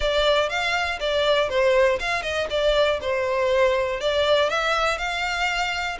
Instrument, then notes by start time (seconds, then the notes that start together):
violin
0.00 D5
0.49 F5
1.00 D5
1.49 C5
1.99 F5
2.22 D#5
2.50 D5
3.01 C5
4.00 D5
4.49 E5
4.97 F5